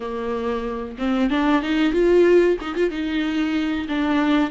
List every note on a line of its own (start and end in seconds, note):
0.00 0.97 A#3
0.98 1.30 C4
1.30 1.62 D4
1.62 1.92 D#4
1.92 2.57 F4
2.60 2.75 D#4
2.75 2.90 F4
2.90 3.87 D#4
3.88 4.50 D4